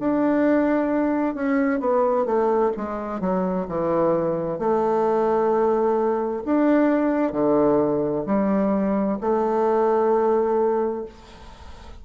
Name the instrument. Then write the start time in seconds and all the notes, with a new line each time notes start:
bassoon
0.00 D4
1.36 C#4
1.80 B3
2.26 A3
2.77 G#3
3.21 F#3
3.69 E3
4.59 A3
6.46 D4
7.33 D3
8.27 G3
9.21 A3